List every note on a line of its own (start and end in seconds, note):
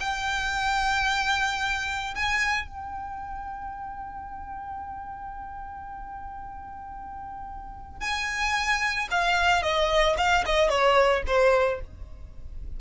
0.00 2.14 G5
2.15 2.68 G#5
2.68 8.01 G5
8.01 9.08 G#5
9.11 9.62 F5
9.62 10.16 D#5
10.18 10.44 F5
10.46 10.69 D#5
10.69 11.23 C#5
11.26 11.80 C5